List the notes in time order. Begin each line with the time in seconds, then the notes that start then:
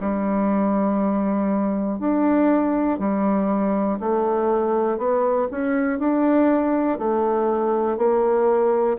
0.00 G3
2.00 D4
3.00 G3
4.00 A3
4.98 B3
5.51 C#4
6.00 D4
6.99 A3
7.97 A#3